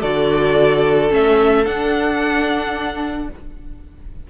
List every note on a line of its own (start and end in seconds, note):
0.00 1.11 D3
0.00 1.09 F#4
0.00 3.27 A4
0.00 1.11 D5
1.09 1.66 A3
1.09 1.64 C#4
1.09 1.65 E5
1.65 3.28 D4
1.65 3.29 D4
1.65 3.29 F#5